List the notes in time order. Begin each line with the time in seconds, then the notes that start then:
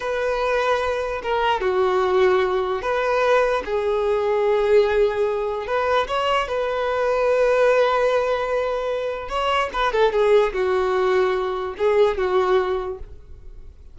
0.00 B4
1.22 A#4
1.60 F#4
2.81 B4
3.65 G#4
5.66 B4
6.07 C#5
6.48 B4
9.28 C#5
9.72 B4
9.92 A4
10.12 G#4
10.53 F#4
11.78 G#4
12.17 F#4